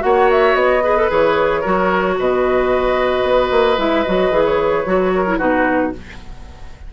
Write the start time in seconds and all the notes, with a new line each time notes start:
0.00 A#3 F#4 C#5 F#5
0.31 E5
0.54 B3 D#5
0.83 G#4 B4
0.97 A4
1.10 E3 G#4 C#5
1.61 F#3 F#4 A#4
2.18 B2 B4 D#5
3.23 B3
3.51 A#3
3.78 G#3 E4 E5
4.03 F#3 F#4 D#5
4.30 E3 G#4
4.45 C#5
4.85 F#3 F#4
5.15 A#4
5.27 E4
5.38 B2 D#4 F#4 B4